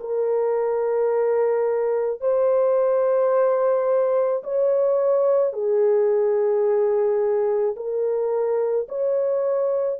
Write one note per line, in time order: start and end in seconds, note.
0.00 2.21 A#4
2.21 4.43 C5
4.43 5.53 C#5
5.53 7.75 G#4
7.76 8.87 A#4
8.89 10.00 C#5